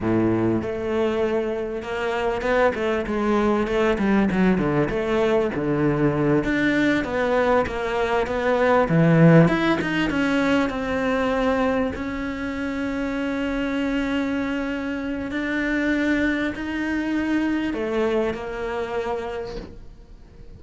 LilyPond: \new Staff \with { instrumentName = "cello" } { \time 4/4 \tempo 4 = 98 a,4 a2 ais4 | b8 a8 gis4 a8 g8 fis8 d8 | a4 d4. d'4 b8~ | b8 ais4 b4 e4 e'8 |
dis'8 cis'4 c'2 cis'8~ | cis'1~ | cis'4 d'2 dis'4~ | dis'4 a4 ais2 | }